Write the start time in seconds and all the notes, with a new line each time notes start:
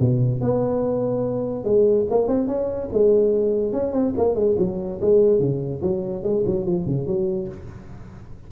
0.00 B2
0.41 B3
1.65 G#3
2.11 A#3
2.28 C4
2.48 C#4
2.93 G#3
3.73 C#4
3.93 C4
4.17 A#3
4.35 G#3
4.59 F#3
5.02 G#3
5.40 C#3
5.82 F#3
6.24 G#3
6.47 F#3
6.66 F3
6.86 C#3
7.07 F#3